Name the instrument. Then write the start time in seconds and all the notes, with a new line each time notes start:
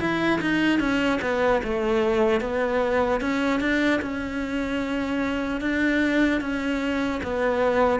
cello
0.00 E4
0.41 D#4
0.80 C#4
1.21 B3
1.63 A3
2.41 B3
3.21 C#4
3.60 D4
4.02 C#4
5.61 D4
6.41 C#4
7.23 B3